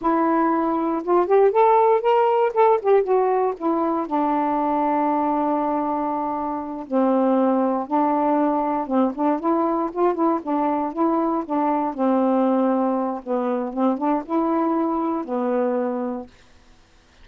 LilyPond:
\new Staff \with { instrumentName = "saxophone" } { \time 4/4 \tempo 4 = 118 e'2 f'8 g'8 a'4 | ais'4 a'8 g'8 fis'4 e'4 | d'1~ | d'4. c'2 d'8~ |
d'4. c'8 d'8 e'4 f'8 | e'8 d'4 e'4 d'4 c'8~ | c'2 b4 c'8 d'8 | e'2 b2 | }